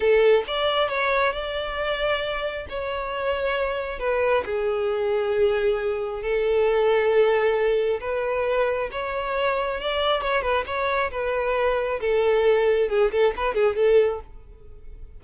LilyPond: \new Staff \with { instrumentName = "violin" } { \time 4/4 \tempo 4 = 135 a'4 d''4 cis''4 d''4~ | d''2 cis''2~ | cis''4 b'4 gis'2~ | gis'2 a'2~ |
a'2 b'2 | cis''2 d''4 cis''8 b'8 | cis''4 b'2 a'4~ | a'4 gis'8 a'8 b'8 gis'8 a'4 | }